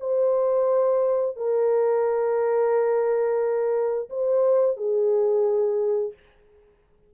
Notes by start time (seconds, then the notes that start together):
0.00 C5
1.36 A#4
4.09 C5
4.77 G#4